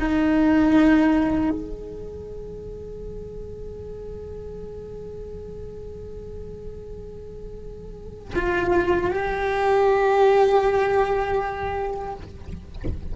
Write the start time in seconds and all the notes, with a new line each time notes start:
0.00 D#4
1.51 G#4
8.35 F4
9.11 G4